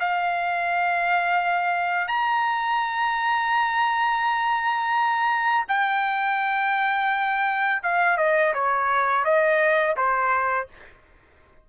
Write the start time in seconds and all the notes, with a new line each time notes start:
0.00 F5
2.08 A#5
5.68 G5
7.83 F5
8.18 D#5
8.54 C#5
9.24 D#5
9.96 C5